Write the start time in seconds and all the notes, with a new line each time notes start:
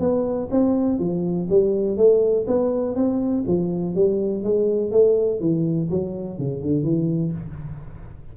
0.00 B3
0.51 C4
0.99 F3
1.50 G3
1.97 A3
2.47 B3
2.96 C4
3.47 F3
3.95 G3
4.44 G#3
4.92 A3
5.41 E3
5.91 F#3
6.38 C#3
6.62 D3
6.84 E3